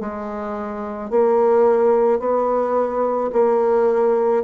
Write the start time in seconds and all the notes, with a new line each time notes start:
0.00 G#3
1.10 A#3
2.20 B3
3.32 A#3